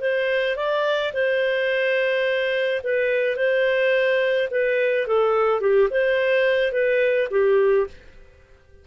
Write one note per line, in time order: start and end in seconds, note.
0.00 0.56 C5
0.56 1.12 D5
1.13 2.82 C5
2.83 3.36 B4
3.36 4.48 C5
4.51 5.07 B4
5.07 5.60 A4
5.60 5.89 G4
5.90 6.72 C5
6.72 7.28 B4
7.30 7.87 G4